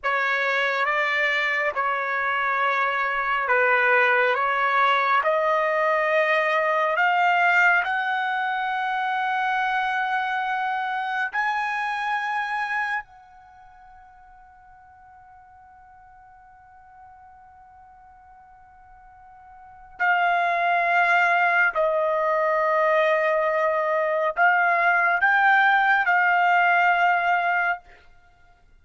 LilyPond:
\new Staff \with { instrumentName = "trumpet" } { \time 4/4 \tempo 4 = 69 cis''4 d''4 cis''2 | b'4 cis''4 dis''2 | f''4 fis''2.~ | fis''4 gis''2 fis''4~ |
fis''1~ | fis''2. f''4~ | f''4 dis''2. | f''4 g''4 f''2 | }